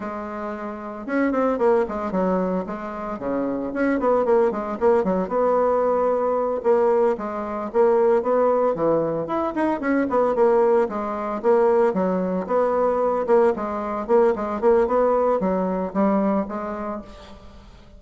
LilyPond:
\new Staff \with { instrumentName = "bassoon" } { \time 4/4 \tempo 4 = 113 gis2 cis'8 c'8 ais8 gis8 | fis4 gis4 cis4 cis'8 b8 | ais8 gis8 ais8 fis8 b2~ | b8 ais4 gis4 ais4 b8~ |
b8 e4 e'8 dis'8 cis'8 b8 ais8~ | ais8 gis4 ais4 fis4 b8~ | b4 ais8 gis4 ais8 gis8 ais8 | b4 fis4 g4 gis4 | }